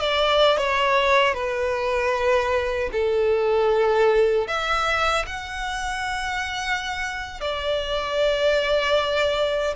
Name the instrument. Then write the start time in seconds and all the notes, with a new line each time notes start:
violin
0.00 D5
0.57 C#5
1.34 B4
2.92 A4
4.47 E5
5.26 F#5
7.41 D5